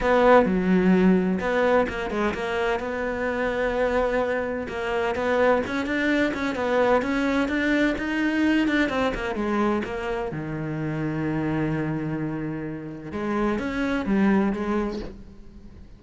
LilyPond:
\new Staff \with { instrumentName = "cello" } { \time 4/4 \tempo 4 = 128 b4 fis2 b4 | ais8 gis8 ais4 b2~ | b2 ais4 b4 | cis'8 d'4 cis'8 b4 cis'4 |
d'4 dis'4. d'8 c'8 ais8 | gis4 ais4 dis2~ | dis1 | gis4 cis'4 g4 gis4 | }